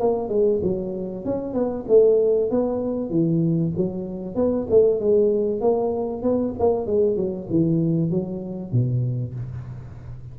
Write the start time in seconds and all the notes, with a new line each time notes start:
0.00 A#3
0.29 G#3
0.62 F#3
1.25 C#4
1.53 B3
1.88 A3
2.50 B3
3.10 E3
3.77 F#3
4.35 B3
4.70 A3
5.00 G#3
5.61 A#3
6.22 B3
6.59 A#3
6.86 G#3
7.16 F#3
7.50 E3
8.10 F#3
8.72 B2